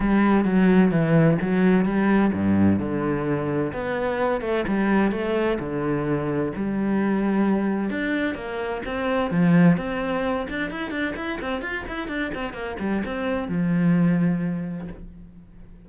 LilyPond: \new Staff \with { instrumentName = "cello" } { \time 4/4 \tempo 4 = 129 g4 fis4 e4 fis4 | g4 g,4 d2 | b4. a8 g4 a4 | d2 g2~ |
g4 d'4 ais4 c'4 | f4 c'4. d'8 e'8 d'8 | e'8 c'8 f'8 e'8 d'8 c'8 ais8 g8 | c'4 f2. | }